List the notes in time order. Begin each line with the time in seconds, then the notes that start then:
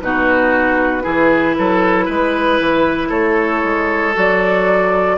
0.00 B2 D#4 F#4 B4
1.02 E3 E4 G#4
1.58 F#3 A4
2.05 G#3 B4
2.60 E3
3.09 A3 A4 C#5
3.63 G#3
4.14 F#3 F#4 D5